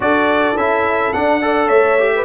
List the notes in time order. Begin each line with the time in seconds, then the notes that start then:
0.00 D4 F#4 A4 D5
0.54 C#4 E4 E5
1.13 D4 F#5
1.41 A4 D5
1.67 A3 C#5 E5
1.99 G4
2.15 B4